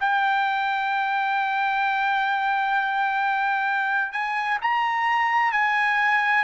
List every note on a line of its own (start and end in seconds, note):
0.00 4.12 G5
4.12 4.58 G#5
4.61 5.52 A#5
5.52 6.44 G#5